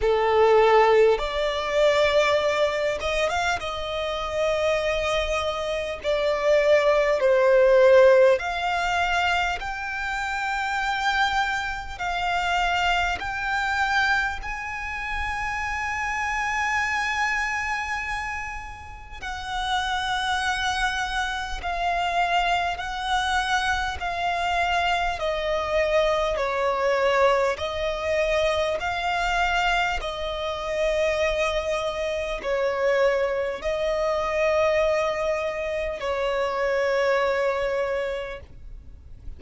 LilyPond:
\new Staff \with { instrumentName = "violin" } { \time 4/4 \tempo 4 = 50 a'4 d''4. dis''16 f''16 dis''4~ | dis''4 d''4 c''4 f''4 | g''2 f''4 g''4 | gis''1 |
fis''2 f''4 fis''4 | f''4 dis''4 cis''4 dis''4 | f''4 dis''2 cis''4 | dis''2 cis''2 | }